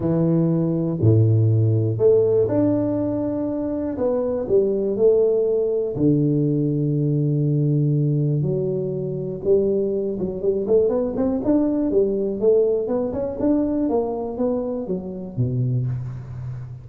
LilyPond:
\new Staff \with { instrumentName = "tuba" } { \time 4/4 \tempo 4 = 121 e2 a,2 | a4 d'2. | b4 g4 a2 | d1~ |
d4 fis2 g4~ | g8 fis8 g8 a8 b8 c'8 d'4 | g4 a4 b8 cis'8 d'4 | ais4 b4 fis4 b,4 | }